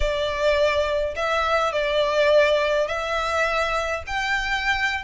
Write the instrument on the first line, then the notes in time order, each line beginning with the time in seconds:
violin
0.00 D5
1.15 E5
1.72 D5
2.87 E5
4.06 G5